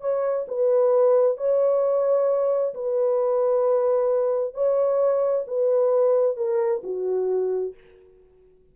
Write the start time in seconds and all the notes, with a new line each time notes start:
0.00 C#5
0.48 B4
1.37 C#5
2.74 B4
4.54 C#5
5.47 B4
6.36 A#4
6.83 F#4